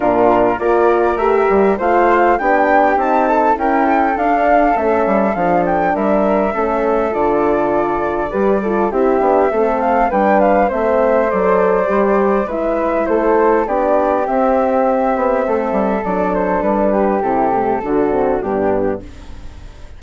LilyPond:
<<
  \new Staff \with { instrumentName = "flute" } { \time 4/4 \tempo 4 = 101 ais'4 d''4 e''4 f''4 | g''4 a''4 g''4 f''4 | e''4 f''8 g''8 e''2 | d''2. e''4~ |
e''8 f''8 g''8 f''8 e''4 d''4~ | d''4 e''4 c''4 d''4 | e''2. d''8 c''8 | b'4 a'2 g'4 | }
  \new Staff \with { instrumentName = "flute" } { \time 4/4 f'4 ais'2 c''4 | g'4. a'8 ais'8 a'4.~ | a'2 ais'4 a'4~ | a'2 b'8 a'8 g'4 |
a'4 b'4 c''2~ | c''4 b'4 a'4 g'4~ | g'2 a'2~ | a'8 g'4. fis'4 d'4 | }
  \new Staff \with { instrumentName = "horn" } { \time 4/4 d'4 f'4 g'4 f'4 | d'4 dis'4 e'4 d'4 | cis'4 d'2 cis'4 | f'2 g'8 f'8 e'8 d'8 |
c'4 d'4 c'4 a'4 | g'4 e'2 d'4 | c'2. d'4~ | d'4 e'8 a8 d'8 c'8 b4 | }
  \new Staff \with { instrumentName = "bassoon" } { \time 4/4 ais,4 ais4 a8 g8 a4 | b4 c'4 cis'4 d'4 | a8 g8 f4 g4 a4 | d2 g4 c'8 b8 |
a4 g4 a4 fis4 | g4 gis4 a4 b4 | c'4. b8 a8 g8 fis4 | g4 c4 d4 g,4 | }
>>